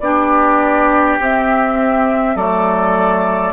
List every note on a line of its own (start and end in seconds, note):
0.00 1.18 B3
0.00 1.20 D4
0.00 2.36 G4
0.00 1.18 D5
1.20 2.36 C4
1.20 2.38 C4
1.20 2.37 E5
2.36 3.53 F#3
2.36 3.54 A3
2.36 3.54 A4
2.36 3.54 D5